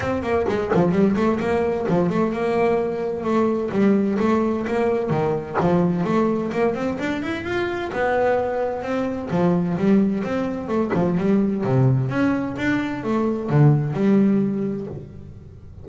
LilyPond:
\new Staff \with { instrumentName = "double bass" } { \time 4/4 \tempo 4 = 129 c'8 ais8 gis8 f8 g8 a8 ais4 | f8 a8 ais2 a4 | g4 a4 ais4 dis4 | f4 a4 ais8 c'8 d'8 e'8 |
f'4 b2 c'4 | f4 g4 c'4 a8 f8 | g4 c4 cis'4 d'4 | a4 d4 g2 | }